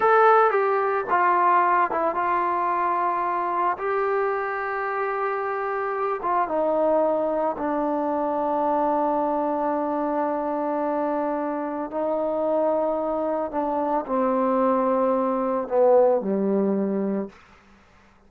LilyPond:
\new Staff \with { instrumentName = "trombone" } { \time 4/4 \tempo 4 = 111 a'4 g'4 f'4. e'8 | f'2. g'4~ | g'2.~ g'8 f'8 | dis'2 d'2~ |
d'1~ | d'2 dis'2~ | dis'4 d'4 c'2~ | c'4 b4 g2 | }